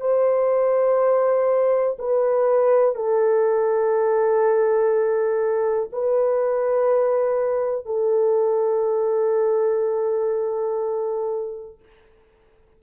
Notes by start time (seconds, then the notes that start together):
0.00 C5
1.99 B4
2.95 A4
5.92 B4
7.86 A4